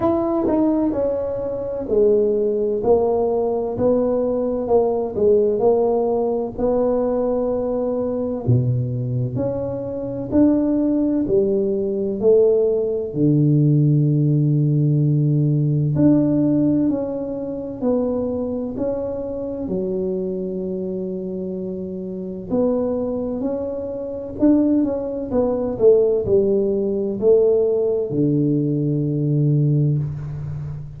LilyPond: \new Staff \with { instrumentName = "tuba" } { \time 4/4 \tempo 4 = 64 e'8 dis'8 cis'4 gis4 ais4 | b4 ais8 gis8 ais4 b4~ | b4 b,4 cis'4 d'4 | g4 a4 d2~ |
d4 d'4 cis'4 b4 | cis'4 fis2. | b4 cis'4 d'8 cis'8 b8 a8 | g4 a4 d2 | }